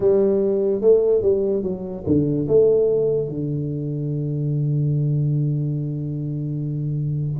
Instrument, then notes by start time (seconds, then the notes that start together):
tuba
0.00 G3
0.81 A3
1.21 G3
1.63 F#3
2.06 D3
2.48 A3
3.28 D3